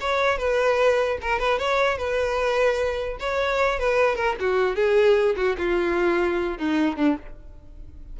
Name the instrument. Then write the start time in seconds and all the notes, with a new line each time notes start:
violin
0.00 C#5
0.38 B4
1.21 A#4
1.39 B4
1.58 C#5
1.97 B4
3.19 C#5
3.79 B4
4.15 A#4
4.40 F#4
4.75 G#4
5.36 F#4
5.58 F4
6.58 D#4
6.96 D4